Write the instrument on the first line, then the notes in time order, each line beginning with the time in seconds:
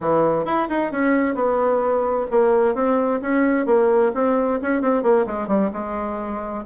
bassoon
0.00 E3
0.45 E4
0.69 D#4
0.91 C#4
1.34 B3
2.30 A#3
2.74 C4
3.21 C#4
3.66 A#3
4.14 C4
4.61 C#4
4.81 C4
5.03 A#3
5.26 G#3
5.47 G3
5.72 G#3